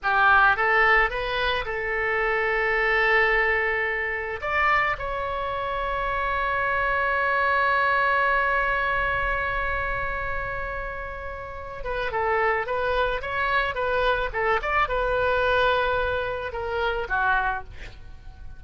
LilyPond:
\new Staff \with { instrumentName = "oboe" } { \time 4/4 \tempo 4 = 109 g'4 a'4 b'4 a'4~ | a'1 | d''4 cis''2.~ | cis''1~ |
cis''1~ | cis''4. b'8 a'4 b'4 | cis''4 b'4 a'8 d''8 b'4~ | b'2 ais'4 fis'4 | }